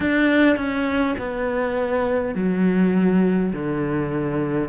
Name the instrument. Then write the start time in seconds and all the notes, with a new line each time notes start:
cello
0.00 D4
0.56 C#4
1.18 B3
2.35 F#3
3.52 D3